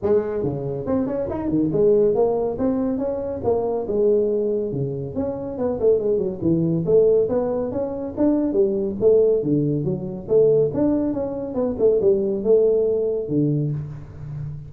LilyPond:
\new Staff \with { instrumentName = "tuba" } { \time 4/4 \tempo 4 = 140 gis4 cis4 c'8 cis'8 dis'8 dis8 | gis4 ais4 c'4 cis'4 | ais4 gis2 cis4 | cis'4 b8 a8 gis8 fis8 e4 |
a4 b4 cis'4 d'4 | g4 a4 d4 fis4 | a4 d'4 cis'4 b8 a8 | g4 a2 d4 | }